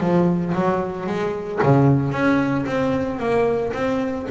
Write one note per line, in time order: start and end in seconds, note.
0.00 0.53 F3
0.54 1.06 F#3
1.06 1.59 G#3
1.63 2.12 C#3
2.12 2.65 C#4
2.66 3.19 C4
3.19 3.72 A#3
3.73 4.26 C4